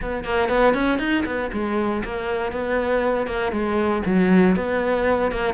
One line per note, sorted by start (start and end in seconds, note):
0.01 0.24 B3
0.24 0.49 A#3
0.49 0.74 B3
0.74 0.98 C#4
0.98 1.24 D#4
1.25 1.50 B3
1.52 2.03 G#3
2.04 2.52 A#3
2.52 3.26 B3
3.26 3.52 A#3
3.52 4.02 G#3
4.05 4.55 F#3
4.55 5.31 B3
5.31 5.54 A#3